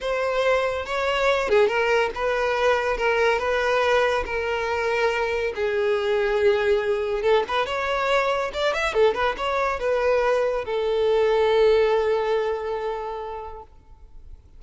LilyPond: \new Staff \with { instrumentName = "violin" } { \time 4/4 \tempo 4 = 141 c''2 cis''4. gis'8 | ais'4 b'2 ais'4 | b'2 ais'2~ | ais'4 gis'2.~ |
gis'4 a'8 b'8 cis''2 | d''8 e''8 a'8 b'8 cis''4 b'4~ | b'4 a'2.~ | a'1 | }